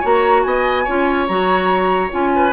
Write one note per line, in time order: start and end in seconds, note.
0.00 0.45 A#3
0.00 0.86 F#4
0.00 0.42 C#5
0.00 0.43 A#5
0.43 0.86 B3
0.43 0.84 D#5
0.43 1.26 G#5
0.84 1.28 C#4
0.84 1.28 F4
0.84 2.29 C#5
1.27 2.12 F#3
1.27 2.10 F#4
1.27 2.10 A#5
2.10 2.53 C#4
2.10 2.51 F4
2.10 2.53 G#5
2.35 2.53 B4